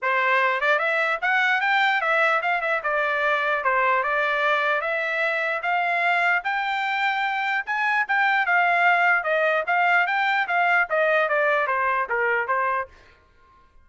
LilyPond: \new Staff \with { instrumentName = "trumpet" } { \time 4/4 \tempo 4 = 149 c''4. d''8 e''4 fis''4 | g''4 e''4 f''8 e''8 d''4~ | d''4 c''4 d''2 | e''2 f''2 |
g''2. gis''4 | g''4 f''2 dis''4 | f''4 g''4 f''4 dis''4 | d''4 c''4 ais'4 c''4 | }